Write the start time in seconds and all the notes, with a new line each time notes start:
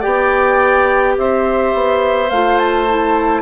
0.00 B3 G4 D5 G5
1.17 C4 C5 E5
1.74 B3
2.30 A3 F4 F5
2.58 A5
2.88 E4